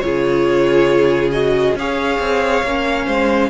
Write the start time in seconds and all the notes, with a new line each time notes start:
0.00 C#3 F4 G#4 C#5
1.32 F#4 D#5
1.75 C#4 G#4 C#5 F5
2.19 C4
2.63 A#3 C#4
3.06 G#3 C5